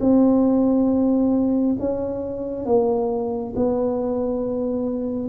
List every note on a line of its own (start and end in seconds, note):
0.00 1.76 C4
1.79 2.66 C#4
2.66 3.54 A#3
3.55 5.28 B3